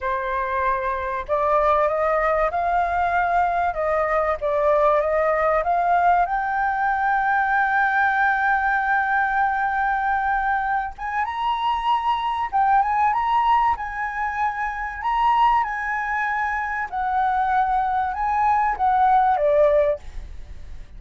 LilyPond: \new Staff \with { instrumentName = "flute" } { \time 4/4 \tempo 4 = 96 c''2 d''4 dis''4 | f''2 dis''4 d''4 | dis''4 f''4 g''2~ | g''1~ |
g''4. gis''8 ais''2 | g''8 gis''8 ais''4 gis''2 | ais''4 gis''2 fis''4~ | fis''4 gis''4 fis''4 d''4 | }